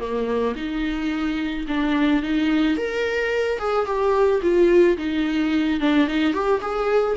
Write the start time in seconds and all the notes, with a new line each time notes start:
0.00 A#3
0.56 D#4
1.68 D4
2.23 D#4
2.77 A#4
3.59 G#4
3.86 G4
4.42 F4
4.98 D#4
5.80 D4
6.08 D#4
6.33 G4
6.62 G#4